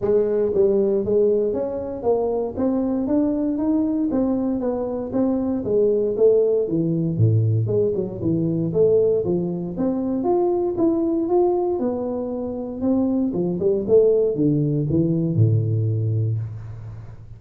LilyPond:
\new Staff \with { instrumentName = "tuba" } { \time 4/4 \tempo 4 = 117 gis4 g4 gis4 cis'4 | ais4 c'4 d'4 dis'4 | c'4 b4 c'4 gis4 | a4 e4 a,4 gis8 fis8 |
e4 a4 f4 c'4 | f'4 e'4 f'4 b4~ | b4 c'4 f8 g8 a4 | d4 e4 a,2 | }